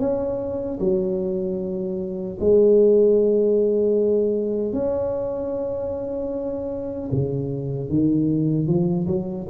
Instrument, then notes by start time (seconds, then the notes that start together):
tuba
0.00 C#4
0.80 F#3
2.40 G#3
4.73 C#4
7.12 C#3
7.89 D#3
8.67 F3
9.07 F#3